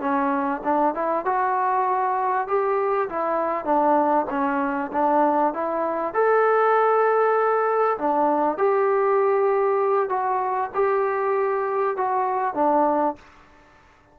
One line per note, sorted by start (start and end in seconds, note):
0.00 0.61 C#4
0.64 0.95 D4
0.95 1.25 E4
1.25 2.48 F#4
2.48 3.09 G4
3.09 3.65 E4
3.65 4.26 D4
4.30 4.91 C#4
4.93 5.54 D4
5.54 6.14 E4
6.14 7.98 A4
7.98 8.58 D4
8.58 10.09 G4
10.09 10.71 F#4
10.74 11.97 G4
11.97 12.55 F#4
12.55 13.16 D4